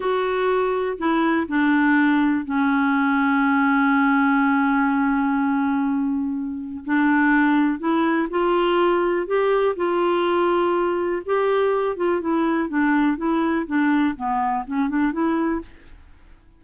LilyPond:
\new Staff \with { instrumentName = "clarinet" } { \time 4/4 \tempo 4 = 123 fis'2 e'4 d'4~ | d'4 cis'2.~ | cis'1~ | cis'2 d'2 |
e'4 f'2 g'4 | f'2. g'4~ | g'8 f'8 e'4 d'4 e'4 | d'4 b4 cis'8 d'8 e'4 | }